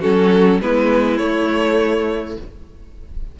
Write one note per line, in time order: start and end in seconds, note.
0.00 0.60 F#3
0.00 0.60 C#4
0.00 0.59 F#4
0.00 0.61 A4
0.60 1.19 G#3
0.60 1.20 B3
0.60 2.40 E4
0.60 1.17 B4
1.17 2.37 A3
1.17 2.35 C#5